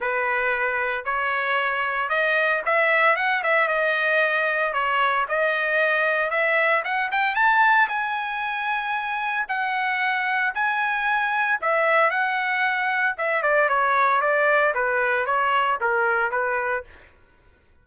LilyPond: \new Staff \with { instrumentName = "trumpet" } { \time 4/4 \tempo 4 = 114 b'2 cis''2 | dis''4 e''4 fis''8 e''8 dis''4~ | dis''4 cis''4 dis''2 | e''4 fis''8 g''8 a''4 gis''4~ |
gis''2 fis''2 | gis''2 e''4 fis''4~ | fis''4 e''8 d''8 cis''4 d''4 | b'4 cis''4 ais'4 b'4 | }